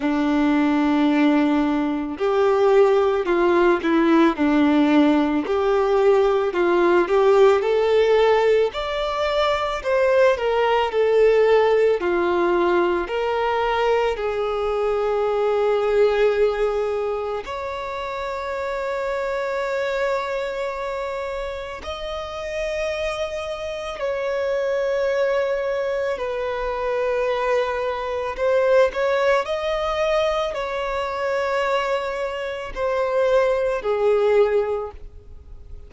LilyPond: \new Staff \with { instrumentName = "violin" } { \time 4/4 \tempo 4 = 55 d'2 g'4 f'8 e'8 | d'4 g'4 f'8 g'8 a'4 | d''4 c''8 ais'8 a'4 f'4 | ais'4 gis'2. |
cis''1 | dis''2 cis''2 | b'2 c''8 cis''8 dis''4 | cis''2 c''4 gis'4 | }